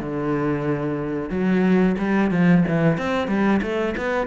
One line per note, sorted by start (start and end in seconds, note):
0.00 1.30 D3
1.30 1.96 F#3
1.98 2.31 G3
2.31 2.64 F3
2.68 2.98 E3
2.98 3.28 C4
3.28 3.61 G3
3.62 3.95 A3
3.97 4.27 B3